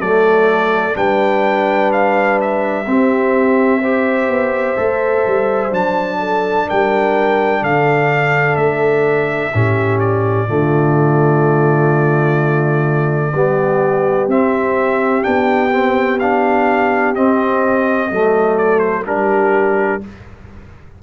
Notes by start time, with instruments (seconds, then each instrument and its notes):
0.00 tuba F#3, trombone A3, horn A4, trumpet D5
0.95 tuba G3, trombone D4, horn B4, trumpet G5
1.92 trumpet F5
2.41 trumpet E5
2.87 tuba C4, trombone C4, horn G4
3.81 trombone G4, horn C5
4.29 tuba B3
4.77 tuba A3, trombone A4
5.27 tuba G3
5.71 tuba F#3, trombone D4, trumpet A5
6.19 horn A4
6.68 tuba G3, horn A#4, trumpet G5
7.62 tuba D3, horn A4, trumpet F5
8.56 tuba A3, trumpet E5
9.54 tuba A2, trombone C#4, horn G4
10.00 trumpet D5
10.48 tuba D3, trombone A3, horn F4
13.34 tuba G3, trombone B3, horn G4
14.28 tuba C4, trombone C4, trumpet E5
15.23 tuba B3, trombone D4, trumpet G5
15.71 trombone C4
16.20 trombone D4, trumpet F5
17.15 trombone C4, tuba C4, trumpet D#5
18.11 tuba F#3, trombone A3, horn A4
18.58 trumpet D5
18.79 trumpet C5
19.06 tuba G3, trombone D4, horn G4, trumpet A#4